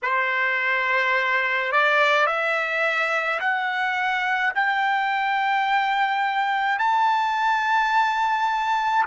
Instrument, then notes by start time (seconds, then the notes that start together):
trumpet
0.02 C5
1.71 D5
2.26 E5
3.40 F#5
4.54 G5
6.78 A5